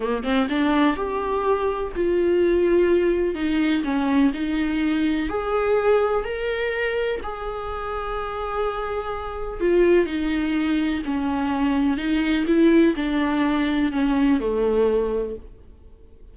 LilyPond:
\new Staff \with { instrumentName = "viola" } { \time 4/4 \tempo 4 = 125 ais8 c'8 d'4 g'2 | f'2. dis'4 | cis'4 dis'2 gis'4~ | gis'4 ais'2 gis'4~ |
gis'1 | f'4 dis'2 cis'4~ | cis'4 dis'4 e'4 d'4~ | d'4 cis'4 a2 | }